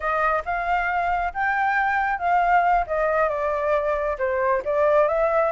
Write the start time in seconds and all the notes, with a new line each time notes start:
0.00 D#5
0.45 F5
1.33 G5
2.18 F5
2.87 D#5
3.29 D5
4.18 C5
4.64 D5
5.08 E5